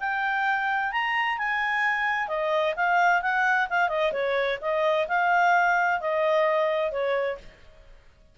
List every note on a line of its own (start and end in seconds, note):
0.00 0.92 G5
0.92 1.38 A#5
1.38 2.28 G#5
2.28 2.74 D#5
2.76 3.22 F5
3.22 3.68 F#5
3.69 3.89 F5
3.89 4.12 D#5
4.13 4.59 C#5
4.61 5.07 D#5
5.08 6.00 F5
6.00 6.92 D#5
6.92 7.38 C#5